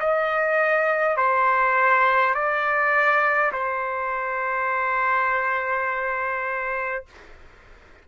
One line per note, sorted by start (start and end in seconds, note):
0.00 1.17 D#5
1.17 2.35 C5
2.35 3.52 D5
3.52 7.05 C5